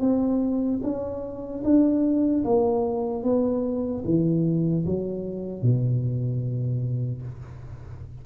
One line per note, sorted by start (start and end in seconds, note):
0.00 0.80 C4
0.83 1.63 C#4
1.64 2.44 D4
2.44 3.23 A#3
3.23 4.03 B3
4.05 4.85 E3
4.86 5.62 F#3
5.62 7.22 B2